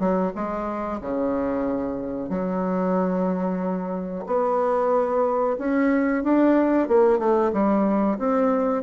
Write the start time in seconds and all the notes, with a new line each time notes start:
0.00 F#3
0.36 G#3
1.01 C#3
2.30 F#3
4.27 B3
5.59 C#4
6.24 D4
6.88 A#3
7.19 A3
7.53 G3
8.19 C4